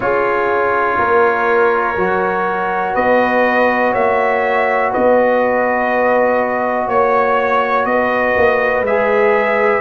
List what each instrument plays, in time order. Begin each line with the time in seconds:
0.00 tuba C#4, trombone F4, horn G#4, trumpet C#5
0.98 tuba A#3, horn A#4
1.96 tuba F#3, trombone F#4
2.94 tuba B3, horn B4, trumpet D#5
3.92 tuba A#3, horn C#5, trumpet E5
4.91 tuba B3, horn B4, trumpet D#5
6.87 tuba A#3, horn C#5, trumpet C#5
7.85 tuba B3, horn B4, trumpet D#5
8.36 tuba A#3
8.81 tuba G#3, trombone G#4, trumpet E5